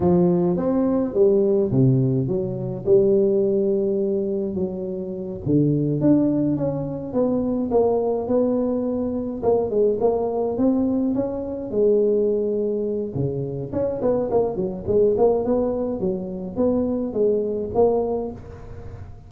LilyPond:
\new Staff \with { instrumentName = "tuba" } { \time 4/4 \tempo 4 = 105 f4 c'4 g4 c4 | fis4 g2. | fis4. d4 d'4 cis'8~ | cis'8 b4 ais4 b4.~ |
b8 ais8 gis8 ais4 c'4 cis'8~ | cis'8 gis2~ gis8 cis4 | cis'8 b8 ais8 fis8 gis8 ais8 b4 | fis4 b4 gis4 ais4 | }